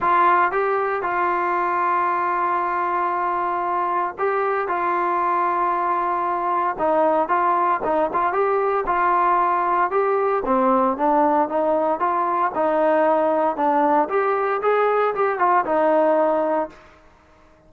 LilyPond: \new Staff \with { instrumentName = "trombone" } { \time 4/4 \tempo 4 = 115 f'4 g'4 f'2~ | f'1 | g'4 f'2.~ | f'4 dis'4 f'4 dis'8 f'8 |
g'4 f'2 g'4 | c'4 d'4 dis'4 f'4 | dis'2 d'4 g'4 | gis'4 g'8 f'8 dis'2 | }